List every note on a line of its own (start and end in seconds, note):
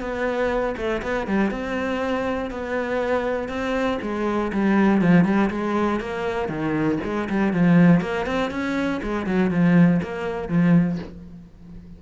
0.00 0.75 B3
0.77 1.02 A3
1.02 1.27 B3
1.27 1.50 G3
1.50 2.50 C4
2.50 3.49 B3
3.49 3.99 C4
4.01 4.51 G#3
4.52 5.01 G3
5.01 5.24 F3
5.24 5.49 G3
5.50 6.00 G#3
6.00 6.48 A#3
6.48 6.98 D#3
7.04 7.29 G#3
7.29 7.53 G3
7.53 8.01 F3
8.01 8.26 A#3
8.26 8.50 C4
8.50 9.00 C#4
9.03 9.26 G#3
9.26 9.50 F#3
9.50 10.00 F3
10.02 10.48 A#3
10.48 10.98 F3